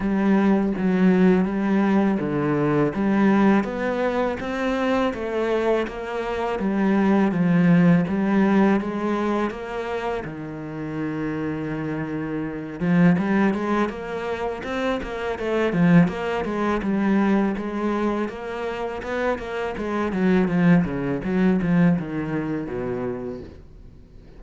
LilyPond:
\new Staff \with { instrumentName = "cello" } { \time 4/4 \tempo 4 = 82 g4 fis4 g4 d4 | g4 b4 c'4 a4 | ais4 g4 f4 g4 | gis4 ais4 dis2~ |
dis4. f8 g8 gis8 ais4 | c'8 ais8 a8 f8 ais8 gis8 g4 | gis4 ais4 b8 ais8 gis8 fis8 | f8 cis8 fis8 f8 dis4 b,4 | }